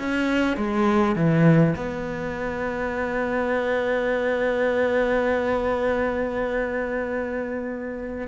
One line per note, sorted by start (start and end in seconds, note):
0.00 0.57 C#4
0.57 1.16 G#3
1.16 1.76 E3
1.76 8.28 B3